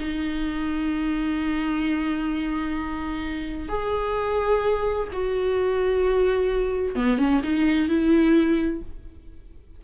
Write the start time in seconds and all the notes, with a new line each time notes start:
0.00 D#4
3.69 G#4
5.13 F#4
6.95 B3
7.18 C#4
7.43 D#4
7.89 E4